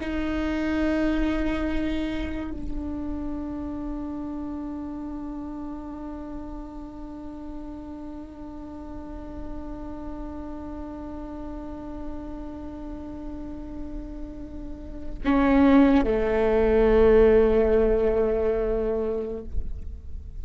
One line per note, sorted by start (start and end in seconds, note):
0.00 2.51 D#4
2.51 15.19 D4
15.24 16.04 C#4
16.04 19.43 A3